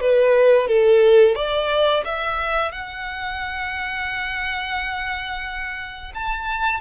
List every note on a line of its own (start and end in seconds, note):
0.00 0.67 B4
0.67 1.35 A4
1.35 2.03 D5
2.05 2.71 E5
2.71 6.12 F#5
6.14 6.80 A5